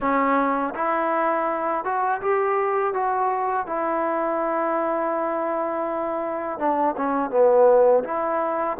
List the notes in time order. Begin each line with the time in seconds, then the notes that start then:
0.00 C#4
0.74 E4
1.84 F#4
2.21 G4
2.93 F#4
3.66 E4
6.58 D4
6.96 C#4
7.30 B3
8.04 E4